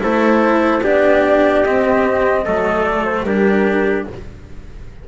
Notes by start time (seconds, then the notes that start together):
0.00 A3 E4 A4 C5
0.84 B3 D4 G4 D5
1.65 C4 D#5
2.45 F#3 A3 A4
2.85 D5
3.05 C5
3.24 G3 D4 G4 A#4